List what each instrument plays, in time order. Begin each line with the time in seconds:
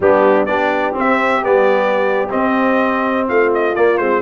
0.00 tuba G3, trombone B3, horn D4, trumpet G4
0.45 tuba B3, trombone D4, horn G4, trumpet D5
0.93 trombone C4, tuba C4
0.99 trumpet E5
1.43 tuba G3, trombone B3, trumpet D5
2.29 trombone C4, tuba C4, trumpet D#5
3.28 tuba A3, horn F4, trumpet F5
3.54 trumpet D#5
3.75 trombone A#3, tuba A#3, trumpet D5
3.97 tuba G#3, trombone C4, trumpet C5